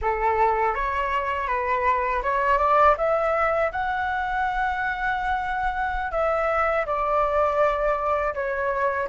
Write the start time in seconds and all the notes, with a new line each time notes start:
0.01 A4
0.74 C#5
1.47 B4
2.22 C#5
2.58 D5
2.97 E5
3.72 F#5
6.11 E5
6.86 D5
8.34 C#5